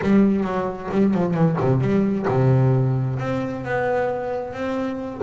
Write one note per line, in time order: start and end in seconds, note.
0.02 0.44 G3
0.44 0.89 F#3
0.91 1.14 G3
1.14 1.33 F3
1.33 1.56 E3
1.60 1.80 C3
1.80 2.26 G3
2.27 3.18 C3
3.19 3.64 C4
3.64 4.53 B3
4.53 5.21 C4